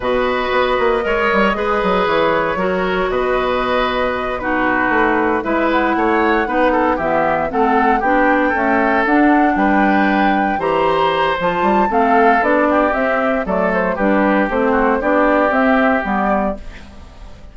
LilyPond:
<<
  \new Staff \with { instrumentName = "flute" } { \time 4/4 \tempo 4 = 116 dis''1 | cis''2 dis''2~ | dis''8 b'2 e''8 fis''4~ | fis''4. e''4 fis''4 g''8~ |
g''4. fis''4 g''4.~ | g''8 ais''4. a''4 f''4 | d''4 e''4 d''8 c''8 b'4 | c''4 d''4 e''4 d''4 | }
  \new Staff \with { instrumentName = "oboe" } { \time 4/4 b'2 cis''4 b'4~ | b'4 ais'4 b'2~ | b'8 fis'2 b'4 cis''8~ | cis''8 b'8 a'8 g'4 a'4 g'8~ |
g'8 a'2 b'4.~ | b'8 c''2~ c''8 a'4~ | a'8 g'4. a'4 g'4~ | g'8 fis'8 g'2. | }
  \new Staff \with { instrumentName = "clarinet" } { \time 4/4 fis'2 ais'4 gis'4~ | gis'4 fis'2.~ | fis'8 dis'2 e'4.~ | e'8 dis'4 b4 c'4 d'8~ |
d'8 a4 d'2~ d'8~ | d'8 g'4. f'4 c'4 | d'4 c'4 a4 d'4 | c'4 d'4 c'4 b4 | }
  \new Staff \with { instrumentName = "bassoon" } { \time 4/4 b,4 b8 ais8 gis8 g8 gis8 fis8 | e4 fis4 b,2~ | b,4. a4 gis4 a8~ | a8 b4 e4 a4 b8~ |
b8 cis'4 d'4 g4.~ | g8 e4. f8 g8 a4 | b4 c'4 fis4 g4 | a4 b4 c'4 g4 | }
>>